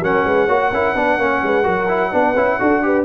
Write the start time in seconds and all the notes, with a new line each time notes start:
0.00 F#3 C#4 A#4 F#5
0.25 G#3 B4
0.46 A#3 F#4 C#5
0.72 C#4 E4 A#4
0.94 B3 D4 B4
1.18 A#3 C#4 C#5
1.43 G#3 B4
1.64 F#3 F#4 A#4
1.89 E4
2.12 B3 D4 B4
2.36 C#4 E4
2.60 D4 F#4 A4
2.83 G4 B4